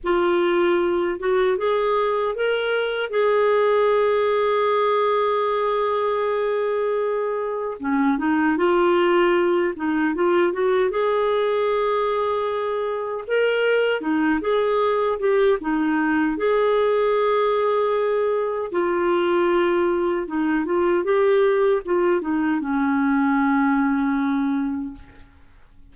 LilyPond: \new Staff \with { instrumentName = "clarinet" } { \time 4/4 \tempo 4 = 77 f'4. fis'8 gis'4 ais'4 | gis'1~ | gis'2 cis'8 dis'8 f'4~ | f'8 dis'8 f'8 fis'8 gis'2~ |
gis'4 ais'4 dis'8 gis'4 g'8 | dis'4 gis'2. | f'2 dis'8 f'8 g'4 | f'8 dis'8 cis'2. | }